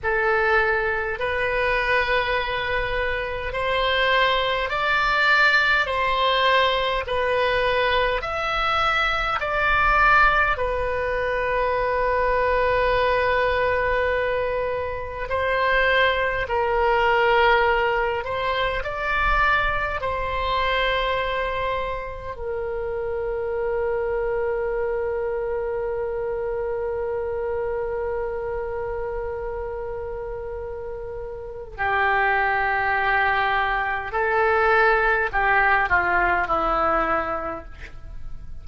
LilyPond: \new Staff \with { instrumentName = "oboe" } { \time 4/4 \tempo 4 = 51 a'4 b'2 c''4 | d''4 c''4 b'4 e''4 | d''4 b'2.~ | b'4 c''4 ais'4. c''8 |
d''4 c''2 ais'4~ | ais'1~ | ais'2. g'4~ | g'4 a'4 g'8 f'8 e'4 | }